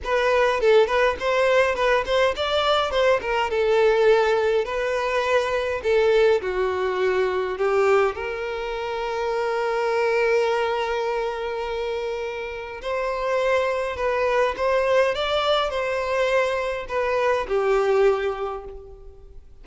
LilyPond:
\new Staff \with { instrumentName = "violin" } { \time 4/4 \tempo 4 = 103 b'4 a'8 b'8 c''4 b'8 c''8 | d''4 c''8 ais'8 a'2 | b'2 a'4 fis'4~ | fis'4 g'4 ais'2~ |
ais'1~ | ais'2 c''2 | b'4 c''4 d''4 c''4~ | c''4 b'4 g'2 | }